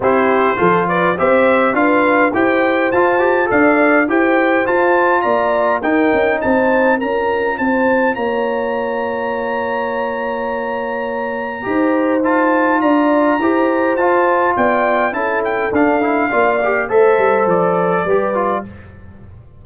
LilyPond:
<<
  \new Staff \with { instrumentName = "trumpet" } { \time 4/4 \tempo 4 = 103 c''4. d''8 e''4 f''4 | g''4 a''4 f''4 g''4 | a''4 ais''4 g''4 a''4 | ais''4 a''4 ais''2~ |
ais''1~ | ais''4 a''4 ais''2 | a''4 g''4 a''8 g''8 f''4~ | f''4 e''4 d''2 | }
  \new Staff \with { instrumentName = "horn" } { \time 4/4 g'4 a'8 b'8 c''4 b'4 | c''2 d''4 c''4~ | c''4 d''4 ais'4 c''4 | ais'4 c''4 cis''2~ |
cis''1 | c''2 d''4 c''4~ | c''4 d''4 a'2 | d''4 c''2 b'4 | }
  \new Staff \with { instrumentName = "trombone" } { \time 4/4 e'4 f'4 g'4 f'4 | g'4 f'8 g'8 a'4 g'4 | f'2 dis'2 | f'1~ |
f'1 | g'4 f'2 g'4 | f'2 e'4 d'8 e'8 | f'8 g'8 a'2 g'8 f'8 | }
  \new Staff \with { instrumentName = "tuba" } { \time 4/4 c'4 f4 c'4 d'4 | e'4 f'4 d'4 e'4 | f'4 ais4 dis'8 cis'8 c'4 | cis'4 c'4 ais2~ |
ais1 | dis'2 d'4 e'4 | f'4 b4 cis'4 d'4 | ais4 a8 g8 f4 g4 | }
>>